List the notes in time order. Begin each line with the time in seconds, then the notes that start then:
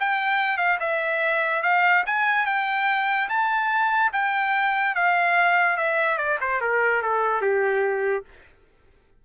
0.00 G5
0.58 F5
0.80 E5
1.63 F5
2.07 G#5
2.46 G5
3.30 A5
4.13 G5
4.95 F5
5.78 E5
6.18 D5
6.41 C5
6.61 A#4
7.02 A4
7.42 G4